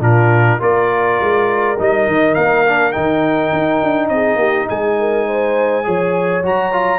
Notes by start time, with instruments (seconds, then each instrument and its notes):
0.00 tuba A#2, trombone D4, horn F4, trumpet A#4
0.59 tuba A#3, trombone F4, horn A#4, trumpet D5
1.20 tuba G#3
1.78 tuba G3, trombone D#4, trumpet D#5
2.07 tuba D#3
2.34 tuba A#3, trumpet F5
2.66 trombone D4
2.92 tuba D#3, trombone D#4, trumpet G5
3.52 tuba D#4
3.83 tuba D4
4.09 tuba C4, horn G#4, trumpet D#5
4.36 tuba A#3, horn G4
4.68 tuba G#3, horn G#4, trumpet G#5
4.99 horn A#4
5.27 horn C5
5.83 tuba F3, trombone G#4, horn C#5
6.43 tuba F#3, trombone F#4, trumpet A#5
6.72 trombone F4